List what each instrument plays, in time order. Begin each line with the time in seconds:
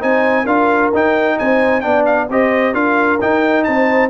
0.00 tuba C4, trombone D#4, horn C5, trumpet G#5
0.45 tuba D4, trombone F4, horn A#4, trumpet F5
0.94 tuba D#4, trombone D#4, trumpet G5
1.39 tuba C4, horn C5, trumpet G#5
1.81 tuba B3, trombone D4, horn D5, trumpet G5
2.06 trumpet F5
2.30 tuba C4, trombone G4, horn C5, trumpet D#5
2.74 tuba D4, trombone F4, horn A#4, trumpet F5
3.21 tuba D#4, trombone D#4, trumpet G5
3.64 tuba C4, horn C5, trumpet A5